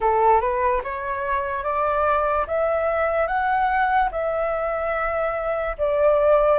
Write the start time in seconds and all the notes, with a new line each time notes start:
0.00 A4
0.40 B4
0.83 C#5
1.63 D5
2.47 E5
3.27 F#5
4.11 E5
5.78 D5